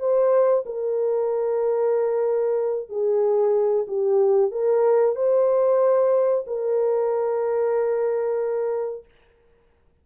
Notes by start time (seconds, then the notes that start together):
0.00 C5
0.66 A#4
2.89 G#4
3.88 G4
4.52 A#4
5.16 C5
6.47 A#4